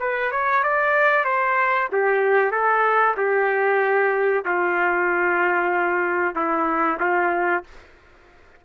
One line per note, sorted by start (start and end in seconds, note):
0.00 0.32 B4
0.32 0.64 C#5
0.64 1.25 D5
1.25 1.89 C5
1.93 2.52 G4
2.52 3.16 A4
3.17 4.45 G4
4.45 6.35 F4
6.35 6.99 E4
7.00 7.64 F4